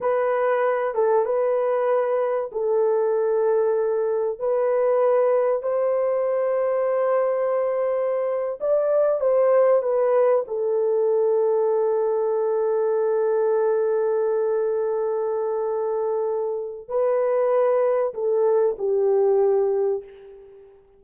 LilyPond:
\new Staff \with { instrumentName = "horn" } { \time 4/4 \tempo 4 = 96 b'4. a'8 b'2 | a'2. b'4~ | b'4 c''2.~ | c''4.~ c''16 d''4 c''4 b'16~ |
b'8. a'2.~ a'16~ | a'1~ | a'2. b'4~ | b'4 a'4 g'2 | }